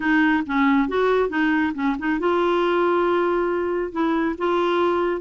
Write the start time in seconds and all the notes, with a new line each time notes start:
0.00 D#4
0.46 C#4
0.88 F#4
1.29 D#4
1.74 C#4
1.98 D#4
2.19 F4
3.92 E4
4.38 F4